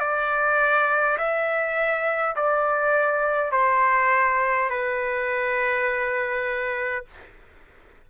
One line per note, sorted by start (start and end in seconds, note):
0.00 1.18 D5
1.18 2.36 E5
2.36 3.52 D5
3.52 4.70 C5
4.71 7.05 B4